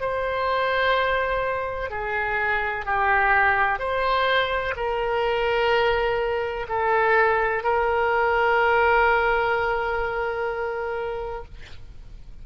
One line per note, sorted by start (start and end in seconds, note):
0.00 1.90 C5
1.90 2.85 G#4
2.85 3.79 G4
3.79 4.74 C5
4.76 6.67 A#4
6.68 7.63 A4
7.63 11.44 A#4